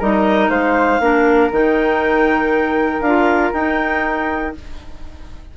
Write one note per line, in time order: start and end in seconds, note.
0.00 0.49 G3
0.00 1.01 D#4
0.00 0.50 A#4
0.00 0.50 D#5
0.49 1.00 G#3
0.49 1.01 C5
0.49 1.50 F5
1.00 1.51 A#3
1.00 1.52 D4
1.00 4.57 A#4
1.52 3.01 D#3
1.52 3.05 D#4
1.52 3.01 G5
3.01 3.51 D4
3.01 3.55 F4
3.01 3.52 F5
3.53 4.54 D#4
3.53 4.56 D#4
3.53 4.54 G5